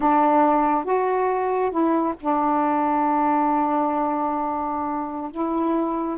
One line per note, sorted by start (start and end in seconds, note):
0.00 0.84 D4
0.84 1.70 F#4
1.70 2.14 E4
2.20 5.31 D4
5.31 6.17 E4